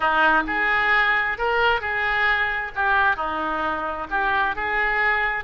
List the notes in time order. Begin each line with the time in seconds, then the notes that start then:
0.00 D#4
0.46 G#4
1.38 A#4
1.80 G#4
2.75 G4
3.16 D#4
4.10 G4
4.55 G#4